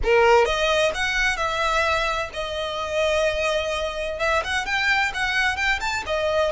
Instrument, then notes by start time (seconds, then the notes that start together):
violin
0.03 A#4
0.45 D#5
0.94 F#5
1.36 E5
2.33 D#5
4.19 E5
4.43 F#5
4.65 G5
5.14 F#5
5.56 G5
5.80 A5
6.06 D#5